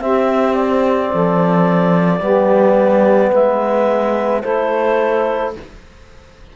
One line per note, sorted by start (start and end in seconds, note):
0.00 1.11 C4
0.00 2.21 C4
0.00 1.12 G4
0.00 0.55 E5
0.55 3.33 D5
1.12 2.21 F3
1.12 2.21 A4
2.21 3.32 G3
2.21 4.43 B3
2.21 3.32 G4
3.32 4.44 G#3
3.32 4.42 B4
3.32 4.42 E5
4.42 5.56 A3
4.42 5.55 E4
4.42 5.53 A4
4.42 5.53 C5